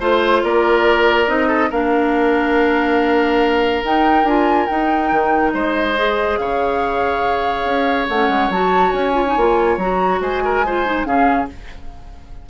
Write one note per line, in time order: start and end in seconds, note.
0.00 0.43 A3
0.00 1.27 F4
0.00 0.43 C5
0.00 0.44 C5
0.44 1.28 A#3
0.44 1.48 A#4
0.44 1.29 D5
1.27 1.70 C4
1.27 1.69 D#4
1.27 1.71 D#5
1.48 1.70 A4
1.70 3.84 A#3
1.70 3.84 D4
1.70 5.53 A#4
1.70 3.85 F5
3.84 4.24 D#4
3.84 4.27 D#4
3.84 4.28 G5
4.24 4.66 D4
4.24 4.69 F4
4.24 4.67 G#5
4.67 5.96 D#4
4.67 5.12 D#4
4.67 5.52 G5
5.12 5.54 D#3
5.53 6.39 G#3
5.53 6.39 C5
5.53 6.38 D#5
5.96 8.09 G#4
6.38 7.65 C#3
6.38 10.22 C#5
6.38 8.08 F5
7.65 8.07 C#4
8.08 8.29 A3
8.08 8.54 C#4
8.08 8.51 F#5
8.29 8.50 G#3
8.50 8.92 F#3
8.50 9.14 F#4
8.50 8.92 A5
8.92 9.36 C#4
8.92 9.77 G#5
9.14 9.25 F4
9.27 9.37 D#4
9.37 9.77 A#3
9.37 9.80 F4
9.77 10.20 F#3
9.77 10.65 F#4
9.77 10.21 A#5
10.21 11.06 G#3
10.21 10.43 C5
10.21 11.06 G#5
10.45 10.66 A#4
10.66 10.86 F4
10.66 11.07 C5
10.86 11.05 D#4
11.05 11.49 C#3
11.05 11.48 C#4
11.05 11.50 G#4
11.05 11.48 F5